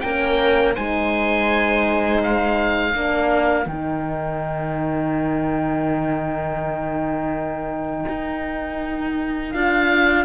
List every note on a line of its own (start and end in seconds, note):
0.00 0.77 A#3
0.00 0.76 C#4
0.00 0.74 A#4
0.00 0.73 G5
0.74 2.94 G#3
0.74 2.93 D#4
0.74 2.94 C5
0.74 2.21 G#5
2.23 3.68 F5
2.93 3.66 A#3
2.93 3.66 D4
2.93 10.25 A#4
3.66 8.05 D#3
3.66 9.54 D#4
3.66 9.51 G5
8.09 9.54 D#4
9.51 10.25 D4
9.51 10.25 F4
9.51 10.24 F5